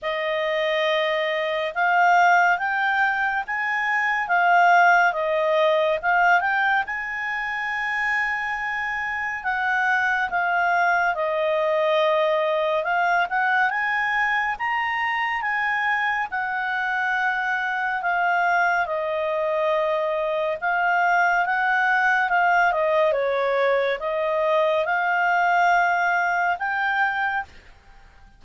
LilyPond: \new Staff \with { instrumentName = "clarinet" } { \time 4/4 \tempo 4 = 70 dis''2 f''4 g''4 | gis''4 f''4 dis''4 f''8 g''8 | gis''2. fis''4 | f''4 dis''2 f''8 fis''8 |
gis''4 ais''4 gis''4 fis''4~ | fis''4 f''4 dis''2 | f''4 fis''4 f''8 dis''8 cis''4 | dis''4 f''2 g''4 | }